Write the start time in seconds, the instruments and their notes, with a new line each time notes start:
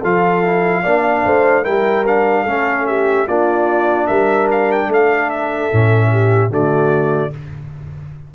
0.00 tuba F3, trombone F4, horn A4, trumpet F5
0.44 trombone E4
0.83 tuba A#3, trombone D4, horn D5
1.24 tuba A3, horn C5
1.64 tuba G3, trombone E4, horn A#4, trumpet G5
2.06 trombone D4, trumpet F5
2.43 tuba A3, trombone C#4, horn A4
2.86 horn G4, trumpet E5
3.27 tuba A#3, trombone D4, horn F4, trumpet D5
4.07 tuba G3, horn A#4, trumpet E5
4.51 trumpet F5
4.71 trumpet G5
4.88 tuba A3, horn A4, trumpet F5
5.30 trumpet E5
5.72 tuba A2, trombone C#4
6.11 horn G4
6.50 tuba D3, trombone A3, horn F#4, trumpet D5